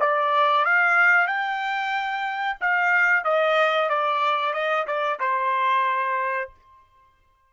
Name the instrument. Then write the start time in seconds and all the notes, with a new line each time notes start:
trumpet
0.00 D5
0.65 F5
1.28 G5
2.61 F5
3.25 D#5
3.90 D5
4.54 D#5
4.87 D5
5.20 C5